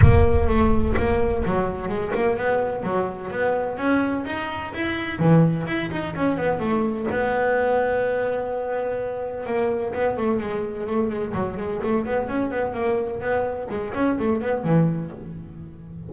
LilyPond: \new Staff \with { instrumentName = "double bass" } { \time 4/4 \tempo 4 = 127 ais4 a4 ais4 fis4 | gis8 ais8 b4 fis4 b4 | cis'4 dis'4 e'4 e4 | e'8 dis'8 cis'8 b8 a4 b4~ |
b1 | ais4 b8 a8 gis4 a8 gis8 | fis8 gis8 a8 b8 cis'8 b8 ais4 | b4 gis8 cis'8 a8 b8 e4 | }